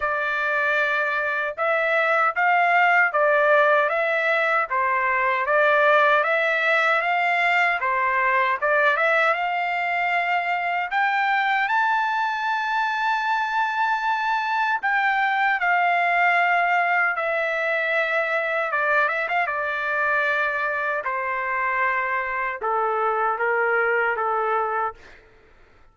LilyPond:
\new Staff \with { instrumentName = "trumpet" } { \time 4/4 \tempo 4 = 77 d''2 e''4 f''4 | d''4 e''4 c''4 d''4 | e''4 f''4 c''4 d''8 e''8 | f''2 g''4 a''4~ |
a''2. g''4 | f''2 e''2 | d''8 e''16 f''16 d''2 c''4~ | c''4 a'4 ais'4 a'4 | }